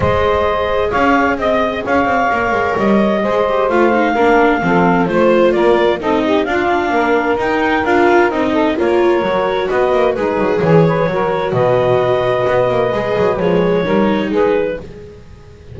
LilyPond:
<<
  \new Staff \with { instrumentName = "clarinet" } { \time 4/4 \tempo 4 = 130 dis''2 f''4 dis''4 | f''2 dis''2 | f''2. c''4 | d''4 dis''4 f''2 |
g''4 f''4 dis''4 cis''4~ | cis''4 dis''4 b'4 cis''4~ | cis''4 dis''2.~ | dis''4 cis''2 b'4 | }
  \new Staff \with { instrumentName = "saxophone" } { \time 4/4 c''2 cis''4 dis''4 | cis''2. c''4~ | c''4 ais'4 a'4 c''4 | ais'4 a'8 g'8 f'4 ais'4~ |
ais'2~ ais'8 a'8 ais'4~ | ais'4 b'4 dis'4 gis'8 b'8 | ais'4 b'2.~ | b'2 ais'4 gis'4 | }
  \new Staff \with { instrumentName = "viola" } { \time 4/4 gis'1~ | gis'4 ais'2 gis'8 g'8 | f'8 dis'8 d'4 c'4 f'4~ | f'4 dis'4 d'2 |
dis'4 f'4 dis'4 f'4 | fis'2 gis'2 | fis'1 | gis'4 gis4 dis'2 | }
  \new Staff \with { instrumentName = "double bass" } { \time 4/4 gis2 cis'4 c'4 | cis'8 c'8 ais8 gis8 g4 gis4 | a4 ais4 f4 a4 | ais4 c'4 d'4 ais4 |
dis'4 d'4 c'4 ais4 | fis4 b8 ais8 gis8 fis8 e4 | fis4 b,2 b8 ais8 | gis8 fis8 f4 g4 gis4 | }
>>